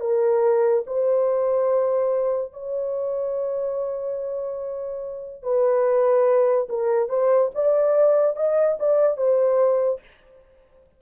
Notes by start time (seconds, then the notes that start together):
0.00 A#4
0.86 C5
2.52 C#5
5.42 B4
6.69 A#4
7.09 C5
7.54 D5
8.36 D#5
8.79 D5
9.17 C5